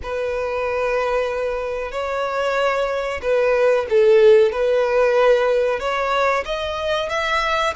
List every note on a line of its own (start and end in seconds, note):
0.02 1.91 B4
1.91 3.21 C#5
3.21 3.86 B4
3.89 4.52 A4
4.52 5.79 B4
5.79 6.43 C#5
6.45 7.09 D#5
7.09 7.73 E5